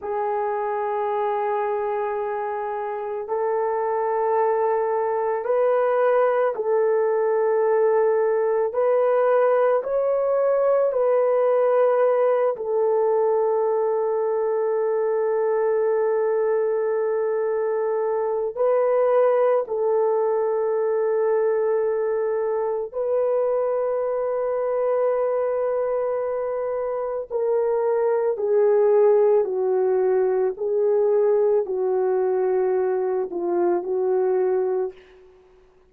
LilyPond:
\new Staff \with { instrumentName = "horn" } { \time 4/4 \tempo 4 = 55 gis'2. a'4~ | a'4 b'4 a'2 | b'4 cis''4 b'4. a'8~ | a'1~ |
a'4 b'4 a'2~ | a'4 b'2.~ | b'4 ais'4 gis'4 fis'4 | gis'4 fis'4. f'8 fis'4 | }